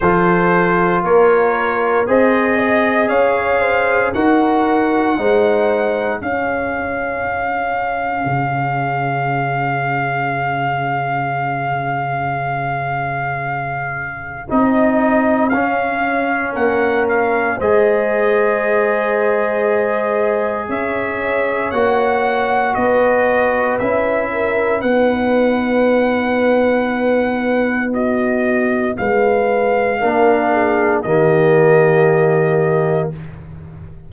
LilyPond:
<<
  \new Staff \with { instrumentName = "trumpet" } { \time 4/4 \tempo 4 = 58 c''4 cis''4 dis''4 f''4 | fis''2 f''2~ | f''1~ | f''2 dis''4 f''4 |
fis''8 f''8 dis''2. | e''4 fis''4 dis''4 e''4 | fis''2. dis''4 | f''2 dis''2 | }
  \new Staff \with { instrumentName = "horn" } { \time 4/4 a'4 ais'4 c''8 dis''8 cis''8 c''8 | ais'4 c''4 gis'2~ | gis'1~ | gis'1 |
ais'4 c''2. | cis''2 b'4. ais'8 | b'2. fis'4 | b'4 ais'8 gis'8 g'2 | }
  \new Staff \with { instrumentName = "trombone" } { \time 4/4 f'2 gis'2 | fis'4 dis'4 cis'2~ | cis'1~ | cis'2 dis'4 cis'4~ |
cis'4 gis'2.~ | gis'4 fis'2 e'4 | dis'1~ | dis'4 d'4 ais2 | }
  \new Staff \with { instrumentName = "tuba" } { \time 4/4 f4 ais4 c'4 cis'4 | dis'4 gis4 cis'2 | cis1~ | cis2 c'4 cis'4 |
ais4 gis2. | cis'4 ais4 b4 cis'4 | b1 | gis4 ais4 dis2 | }
>>